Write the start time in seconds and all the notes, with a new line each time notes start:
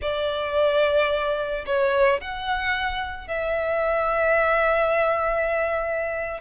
0.01 D5
1.66 C#5
2.20 F#5
3.27 E5